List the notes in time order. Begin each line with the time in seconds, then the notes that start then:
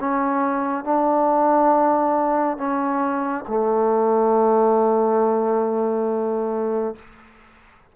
0.00 C#4
0.85 D4
2.58 C#4
3.48 A3